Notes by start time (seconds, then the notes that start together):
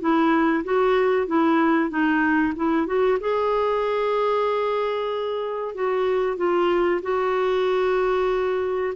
0.00 E4
0.64 F#4
1.27 E4
1.90 D#4
2.56 E4
2.86 F#4
3.20 G#4
5.74 F#4
6.37 F4
7.02 F#4